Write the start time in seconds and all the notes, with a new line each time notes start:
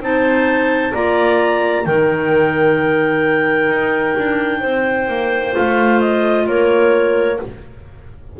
0.00 C4 D#4 C5 A5
0.93 A#3 F4 D5 A#5
1.85 D#3 D#4 A#4 G5
3.68 D#4
4.17 D4
4.60 C4 C5
5.08 A#3
5.52 A3 F4 F5
6.00 D#5
6.45 A#3 A#4 C#5